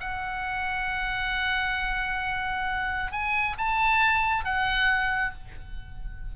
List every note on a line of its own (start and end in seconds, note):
0.00 3.12 F#5
3.12 3.57 G#5
3.58 4.44 A5
4.44 5.34 F#5